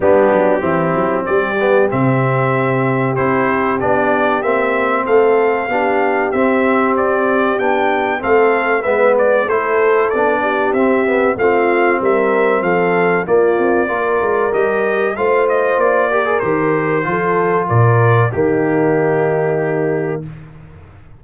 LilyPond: <<
  \new Staff \with { instrumentName = "trumpet" } { \time 4/4 \tempo 4 = 95 g'2 d''4 e''4~ | e''4 c''4 d''4 e''4 | f''2 e''4 d''4 | g''4 f''4 e''8 d''8 c''4 |
d''4 e''4 f''4 e''4 | f''4 d''2 dis''4 | f''8 dis''8 d''4 c''2 | d''4 g'2. | }
  \new Staff \with { instrumentName = "horn" } { \time 4/4 d'4 e'4 g'2~ | g'1 | a'4 g'2.~ | g'4 a'4 b'4 a'4~ |
a'8 g'4. f'4 ais'4 | a'4 f'4 ais'2 | c''4. ais'4. a'4 | ais'4 dis'2. | }
  \new Staff \with { instrumentName = "trombone" } { \time 4/4 b4 c'4. b8 c'4~ | c'4 e'4 d'4 c'4~ | c'4 d'4 c'2 | d'4 c'4 b4 e'4 |
d'4 c'8 b8 c'2~ | c'4 ais4 f'4 g'4 | f'4. g'16 gis'16 g'4 f'4~ | f'4 ais2. | }
  \new Staff \with { instrumentName = "tuba" } { \time 4/4 g8 fis8 e8 fis8 g4 c4~ | c4 c'4 b4 ais4 | a4 b4 c'2 | b4 a4 gis4 a4 |
b4 c'4 a4 g4 | f4 ais8 c'8 ais8 gis8 g4 | a4 ais4 dis4 f4 | ais,4 dis2. | }
>>